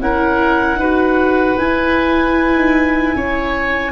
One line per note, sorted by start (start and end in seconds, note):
0.00 0.75 C#4
0.00 0.80 E4
0.00 0.79 A#4
0.00 1.58 F#5
0.75 1.54 D#4
0.75 3.16 B4
0.81 1.58 F#4
1.58 2.54 E4
1.58 3.92 E4
1.58 3.92 G#5
2.54 3.13 D#4
3.15 3.92 C#4
3.15 3.92 C#5